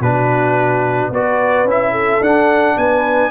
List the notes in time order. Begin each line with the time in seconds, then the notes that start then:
0.00 B2 D4 F#4 B4
1.10 B3 F#4 B4 D5
1.64 C#4 E4 E5
1.91 A4
2.20 D4 F#5
2.77 B3 B4 G#5